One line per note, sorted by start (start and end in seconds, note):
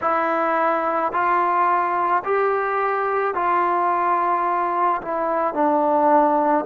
0.01 1.12 E4
1.12 2.23 F4
2.24 3.34 G4
3.34 5.01 F4
5.02 5.54 E4
5.54 6.65 D4